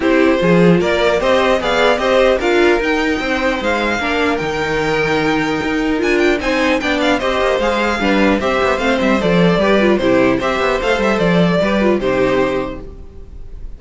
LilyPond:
<<
  \new Staff \with { instrumentName = "violin" } { \time 4/4 \tempo 4 = 150 c''2 d''4 dis''4 | f''4 dis''4 f''4 g''4~ | g''4 f''2 g''4~ | g''2. gis''8 g''8 |
gis''4 g''8 f''8 dis''4 f''4~ | f''4 e''4 f''8 e''8 d''4~ | d''4 c''4 e''4 f''8 e''8 | d''2 c''2 | }
  \new Staff \with { instrumentName = "violin" } { \time 4/4 g'4 gis'4 ais'4 c''4 | d''4 c''4 ais'2 | c''2 ais'2~ | ais'1 |
c''4 d''4 c''2 | b'4 c''2. | b'4 g'4 c''2~ | c''4 b'4 g'2 | }
  \new Staff \with { instrumentName = "viola" } { \time 4/4 e'4 f'2 g'4 | gis'4 g'4 f'4 dis'4~ | dis'2 d'4 dis'4~ | dis'2. f'4 |
dis'4 d'4 g'4 gis'4 | d'4 g'4 c'4 a'4 | g'8 f'8 e'4 g'4 a'4~ | a'4 g'8 f'8 dis'2 | }
  \new Staff \with { instrumentName = "cello" } { \time 4/4 c'4 f4 ais4 c'4 | b4 c'4 d'4 dis'4 | c'4 gis4 ais4 dis4~ | dis2 dis'4 d'4 |
c'4 b4 c'8 ais8 gis4 | g4 c'8 b8 a8 g8 f4 | g4 c4 c'8 b8 a8 g8 | f4 g4 c2 | }
>>